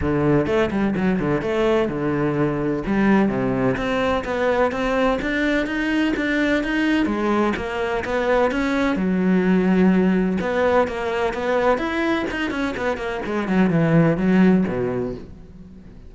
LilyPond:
\new Staff \with { instrumentName = "cello" } { \time 4/4 \tempo 4 = 127 d4 a8 g8 fis8 d8 a4 | d2 g4 c4 | c'4 b4 c'4 d'4 | dis'4 d'4 dis'4 gis4 |
ais4 b4 cis'4 fis4~ | fis2 b4 ais4 | b4 e'4 dis'8 cis'8 b8 ais8 | gis8 fis8 e4 fis4 b,4 | }